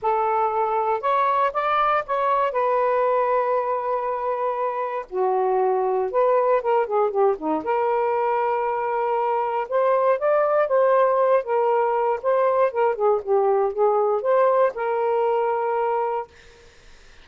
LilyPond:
\new Staff \with { instrumentName = "saxophone" } { \time 4/4 \tempo 4 = 118 a'2 cis''4 d''4 | cis''4 b'2.~ | b'2 fis'2 | b'4 ais'8 gis'8 g'8 dis'8 ais'4~ |
ais'2. c''4 | d''4 c''4. ais'4. | c''4 ais'8 gis'8 g'4 gis'4 | c''4 ais'2. | }